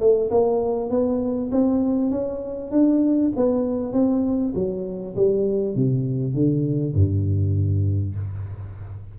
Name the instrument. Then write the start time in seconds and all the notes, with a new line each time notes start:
tuba
0.00 A3
0.31 A#3
0.90 B3
1.52 C4
2.11 C#4
2.71 D4
3.36 B3
3.93 C4
4.55 F#3
5.16 G3
5.75 C3
6.34 D3
6.94 G2